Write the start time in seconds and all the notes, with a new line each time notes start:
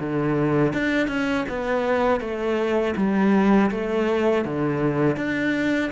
0.00 D3
0.73 D4
1.08 C#4
1.49 B3
2.20 A3
2.97 G3
3.71 A3
4.45 D3
5.16 D4